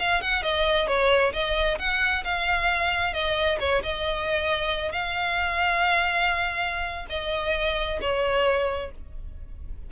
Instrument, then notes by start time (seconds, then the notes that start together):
violin
0.00 F5
0.22 F#5
0.43 D#5
0.88 C#5
1.34 D#5
1.79 F#5
2.25 F5
3.14 D#5
3.60 C#5
3.83 D#5
4.92 F5
7.10 D#5
8.02 C#5